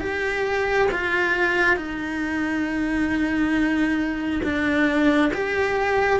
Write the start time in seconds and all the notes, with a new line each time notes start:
0.00 G4
0.91 F4
1.76 D#4
4.43 D4
5.33 G4